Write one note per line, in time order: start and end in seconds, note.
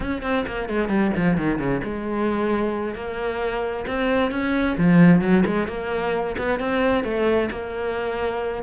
0.00 0.22 C#4
0.22 0.45 C4
0.46 0.68 A#3
0.68 0.88 G#3
0.88 1.11 G3
1.16 1.37 F3
1.37 1.58 D#3
1.58 1.81 C#3
1.84 2.94 G#3
2.94 3.85 A#3
3.87 4.31 C4
4.31 4.76 C#4
4.77 5.21 F3
5.21 5.43 F#3
5.45 5.67 G#3
5.67 6.36 A#3
6.38 6.59 B3
6.59 7.04 C4
7.04 7.49 A3
7.50 8.63 A#3